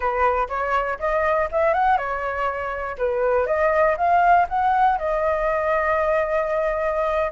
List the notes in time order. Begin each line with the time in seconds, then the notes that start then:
0.00 B4
0.48 C#5
0.99 D#5
1.51 E5
1.73 F#5
1.97 C#5
2.98 B4
3.46 D#5
3.97 F5
4.48 F#5
4.98 D#5